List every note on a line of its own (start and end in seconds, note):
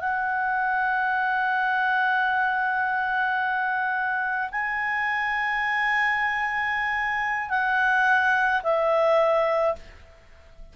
0.00 4.50 F#5
4.51 7.49 G#5
7.49 8.62 F#5
8.63 9.75 E5